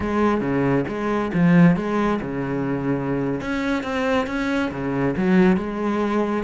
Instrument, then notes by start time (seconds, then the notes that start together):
cello
0.00 G#3
0.40 C#3
0.88 G#3
1.33 F3
1.76 G#3
2.21 C#3
3.40 C#4
3.83 C4
4.27 C#4
4.71 C#3
5.16 F#3
5.56 G#3